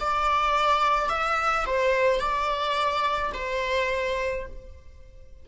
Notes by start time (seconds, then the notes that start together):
0.00 D5
1.09 E5
1.66 C5
2.20 D5
3.34 C5